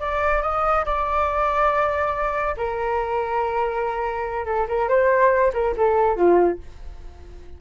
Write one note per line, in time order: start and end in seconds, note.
0.00 0.43 D5
0.43 0.85 D#5
0.86 2.56 D5
2.57 4.46 A#4
4.46 4.67 A4
4.68 4.89 A#4
4.89 5.53 C5
5.54 5.75 A#4
5.77 6.16 A4
6.16 6.59 F4